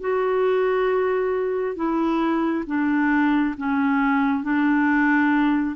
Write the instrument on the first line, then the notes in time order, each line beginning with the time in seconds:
clarinet
0.00 F#4
1.76 E4
2.67 D4
3.57 C#4
4.43 D4